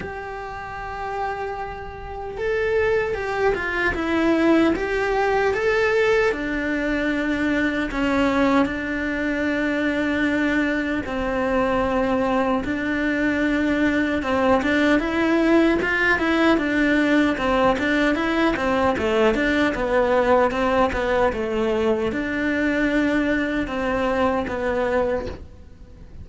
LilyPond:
\new Staff \with { instrumentName = "cello" } { \time 4/4 \tempo 4 = 76 g'2. a'4 | g'8 f'8 e'4 g'4 a'4 | d'2 cis'4 d'4~ | d'2 c'2 |
d'2 c'8 d'8 e'4 | f'8 e'8 d'4 c'8 d'8 e'8 c'8 | a8 d'8 b4 c'8 b8 a4 | d'2 c'4 b4 | }